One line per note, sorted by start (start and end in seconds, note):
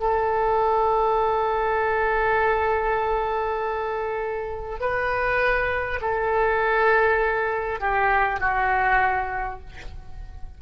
0.00 4.79 A4
4.79 5.99 B4
6.01 7.79 A4
7.79 8.39 G4
8.40 9.60 F#4